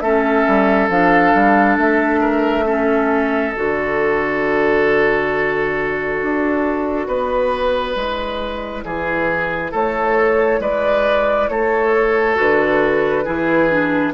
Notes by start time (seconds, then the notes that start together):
0.00 A3 C#4 A4 E5
0.47 G3
0.89 F3 D4 F5
1.34 G3
1.77 A3 E5
2.21 A#4
2.65 C#4 A4
3.55 D3 F#4 D5
6.21 D4
7.07 B3 B4
7.96 G#3 E4
8.85 E3 G#4
9.72 A3 A4 C#5
10.60 G#3 B4 D5
11.49 A3 A4 C#5
12.35 D3 F#4 B4
13.25 E3 E4 G#4
13.69 D4